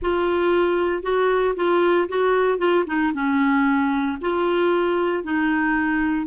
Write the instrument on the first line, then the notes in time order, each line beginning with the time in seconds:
clarinet
0.01 F4
1.02 F#4
1.56 F4
2.09 F#4
2.58 F4
2.86 D#4
3.13 C#4
4.21 F4
5.23 D#4